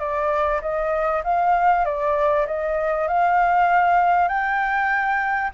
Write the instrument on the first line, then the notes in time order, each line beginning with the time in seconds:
flute
0.00 D5
0.62 D#5
1.24 F5
1.85 D5
2.47 D#5
3.08 F5
4.29 G5